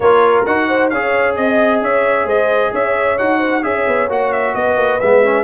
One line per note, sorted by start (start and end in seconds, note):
0.00 0.44 A#3
0.00 0.46 F4
0.00 0.68 A#4
0.00 0.44 C#5
0.45 0.92 D#4
0.45 0.91 F#4
0.45 0.89 F#5
0.68 0.90 C5
0.89 1.37 C#4
0.89 3.18 G#4
0.89 1.36 C#5
0.89 1.35 F5
1.35 1.81 C4
1.35 1.81 D#5
1.35 1.83 D#5
1.81 2.25 C#4
1.81 2.26 C#5
1.81 2.28 E5
2.25 2.70 G#3
2.25 2.71 C5
2.25 2.73 D#5
2.72 3.18 C#4
2.72 3.38 C#5
2.72 3.18 E5
3.18 3.63 D#4
3.18 3.62 F#4
3.18 3.63 F#5
3.38 3.61 C5
3.62 3.86 C#4
3.62 4.08 G#4
3.62 4.56 C#5
3.62 4.08 E5
3.87 4.08 B3
4.08 4.54 A#3
4.08 5.00 F#4
4.08 4.32 F#5
4.32 4.54 E5
4.54 4.76 B3
4.54 5.43 B4
4.54 5.00 D#5
4.76 4.99 A#3
5.00 5.43 G#3
5.00 5.23 B3
5.00 5.43 E5
5.23 5.43 C#4